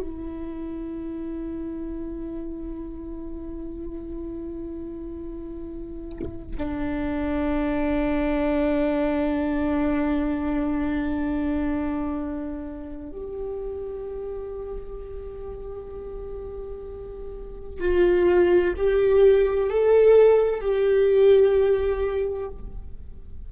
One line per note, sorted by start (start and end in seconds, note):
0.00 6.56 E4
6.58 13.12 D4
13.12 17.80 G4
17.80 18.74 F4
18.77 19.70 G4
19.70 20.61 A4
20.61 22.48 G4